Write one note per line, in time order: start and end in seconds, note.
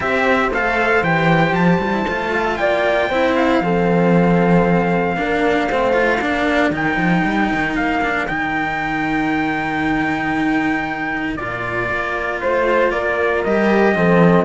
0.00 0.49 C4
0.00 0.51 G4
0.00 2.32 C5
0.00 0.52 E5
0.49 1.01 A3
0.49 1.03 A4
0.49 1.03 F5
1.03 1.52 E3
1.03 1.81 G4
1.03 1.54 G5
1.52 1.78 F3
1.52 2.56 A5
1.78 2.04 G3
1.78 1.92 F4
1.92 2.05 E4
2.07 2.59 A3
2.07 3.11 F4
2.32 2.45 F5
2.45 2.58 E5
2.56 3.09 A#3
2.56 3.08 D5
2.56 3.34 G5
3.08 3.61 C4
3.08 3.63 E4
3.08 3.60 C5
3.36 6.72 F5
3.61 5.16 F3
3.61 5.16 C4
3.61 5.18 A4
5.16 5.70 A#3
5.16 5.68 D4
5.16 5.69 A#4
5.69 6.21 A3
5.69 5.93 C4
5.69 6.20 C5
5.93 6.19 F4
6.20 6.70 A#3
6.20 6.72 D4
6.20 12.40 A#4
6.70 6.96 D#3
6.70 8.01 D#4
6.70 7.75 G5
6.96 7.22 F3
7.24 7.50 G3
7.53 7.76 D#3
7.75 8.28 A#3
7.75 8.27 F5
8.02 8.27 D4
8.27 11.39 D#3
8.27 11.38 D#4
8.27 11.35 G5
11.35 11.90 A#2
11.35 13.46 F4
11.35 12.39 D5
11.90 12.41 A#3
12.40 12.92 A3
12.40 12.91 C5
12.40 12.92 C5
12.91 13.44 A#3
12.91 13.96 A#4
12.91 13.43 D5
13.44 13.95 G3
13.44 13.95 G4
13.44 14.45 D#5
13.95 14.45 F3
13.95 14.45 C4
13.95 14.45 A4